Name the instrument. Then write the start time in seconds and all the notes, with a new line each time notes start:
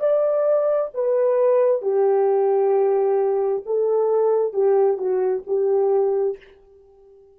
horn
0.00 D5
0.95 B4
1.82 G4
3.66 A4
4.54 G4
4.98 F#4
5.47 G4